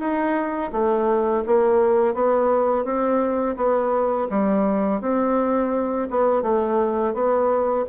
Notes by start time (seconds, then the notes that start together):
0.00 D#4
0.73 A3
1.47 A#3
2.15 B3
2.85 C4
3.57 B3
4.30 G3
5.01 C4
6.10 B3
6.43 A3
7.14 B3